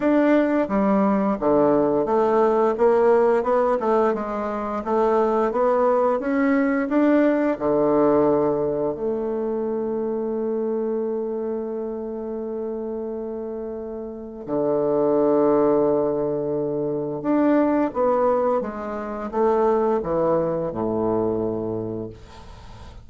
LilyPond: \new Staff \with { instrumentName = "bassoon" } { \time 4/4 \tempo 4 = 87 d'4 g4 d4 a4 | ais4 b8 a8 gis4 a4 | b4 cis'4 d'4 d4~ | d4 a2.~ |
a1~ | a4 d2.~ | d4 d'4 b4 gis4 | a4 e4 a,2 | }